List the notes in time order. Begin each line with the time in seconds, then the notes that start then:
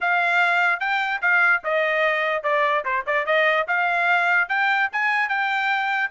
0.01 F5
0.80 G5
1.21 F5
1.64 D#5
2.43 D5
2.84 C5
3.06 D5
3.26 D#5
3.67 F5
4.48 G5
4.92 G#5
5.29 G5